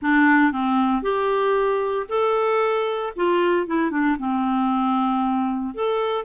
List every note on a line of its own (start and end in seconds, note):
0.02 0.52 D4
0.52 1.02 C4
1.02 2.06 G4
2.08 3.13 A4
3.16 3.66 F4
3.66 3.90 E4
3.90 4.16 D4
4.19 5.74 C4
5.74 6.25 A4